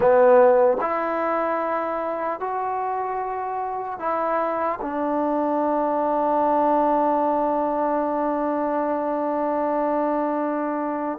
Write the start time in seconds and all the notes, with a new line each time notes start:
0.00 B3
0.80 E4
2.40 F#4
3.99 E4
4.81 D4